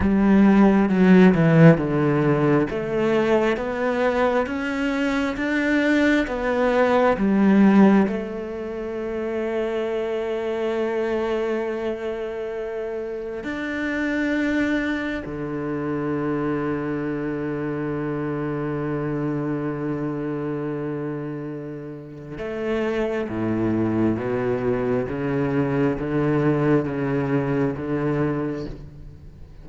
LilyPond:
\new Staff \with { instrumentName = "cello" } { \time 4/4 \tempo 4 = 67 g4 fis8 e8 d4 a4 | b4 cis'4 d'4 b4 | g4 a2.~ | a2. d'4~ |
d'4 d2.~ | d1~ | d4 a4 a,4 b,4 | cis4 d4 cis4 d4 | }